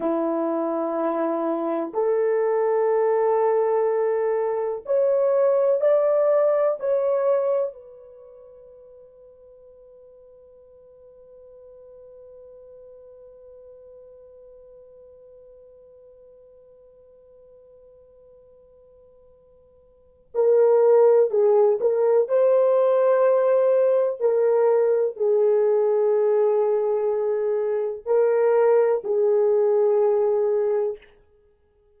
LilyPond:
\new Staff \with { instrumentName = "horn" } { \time 4/4 \tempo 4 = 62 e'2 a'2~ | a'4 cis''4 d''4 cis''4 | b'1~ | b'1~ |
b'1~ | b'4 ais'4 gis'8 ais'8 c''4~ | c''4 ais'4 gis'2~ | gis'4 ais'4 gis'2 | }